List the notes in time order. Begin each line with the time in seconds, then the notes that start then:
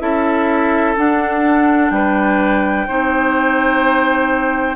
0.00 C#4 E4 A4 E5
0.97 D4 F#5
1.91 G3 B4 G5
2.88 C4 D#4 C5